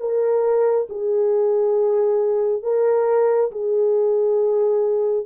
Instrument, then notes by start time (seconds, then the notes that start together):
horn
0.00 A#4
0.90 G#4
2.63 A#4
3.52 G#4